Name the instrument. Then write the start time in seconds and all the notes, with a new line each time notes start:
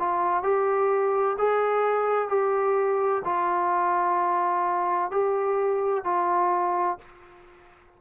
trombone
0.00 F4
0.43 G4
1.38 G#4
2.29 G4
3.25 F4
5.11 G4
6.05 F4